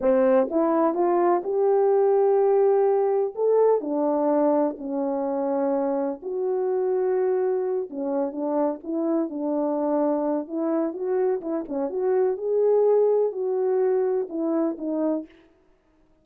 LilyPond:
\new Staff \with { instrumentName = "horn" } { \time 4/4 \tempo 4 = 126 c'4 e'4 f'4 g'4~ | g'2. a'4 | d'2 cis'2~ | cis'4 fis'2.~ |
fis'8 cis'4 d'4 e'4 d'8~ | d'2 e'4 fis'4 | e'8 cis'8 fis'4 gis'2 | fis'2 e'4 dis'4 | }